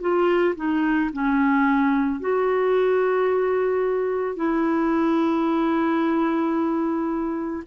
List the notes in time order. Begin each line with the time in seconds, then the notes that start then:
0.00 F4
0.55 D#4
1.13 C#4
2.19 F#4
4.36 E4